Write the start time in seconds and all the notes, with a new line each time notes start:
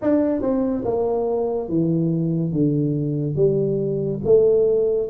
0.01 D4
0.41 C4
0.85 A#3
1.68 E3
2.52 D3
3.35 G3
4.24 A3